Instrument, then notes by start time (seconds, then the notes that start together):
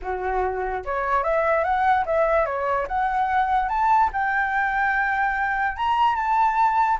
flute
0.01 F#4
0.85 C#5
1.23 E5
1.63 F#5
2.05 E5
2.45 C#5
2.87 F#5
3.69 A5
4.13 G5
5.76 A#5
6.15 A5